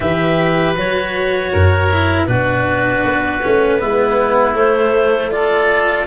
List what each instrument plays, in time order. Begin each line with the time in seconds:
0.00 tuba E3, cello G4, oboe B4, clarinet E5
0.75 tuba F#3, cello F#4, clarinet C#5
1.51 tuba F#2, oboe A#4
1.91 cello E4
2.25 tuba B2, cello D4, oboe F#4, clarinet B4
3.04 tuba B3
3.42 tuba A3, cello C#4
3.78 tuba G#3, cello B3, oboe E4
4.54 tuba A3, cello A3, clarinet C5
5.30 cello F4, oboe A4, clarinet D5